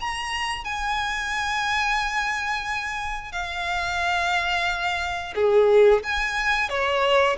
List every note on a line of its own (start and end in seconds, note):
0.00 0.65 A#5
0.65 3.32 G#5
3.32 5.34 F5
5.36 6.03 G#4
6.03 6.69 G#5
6.69 7.37 C#5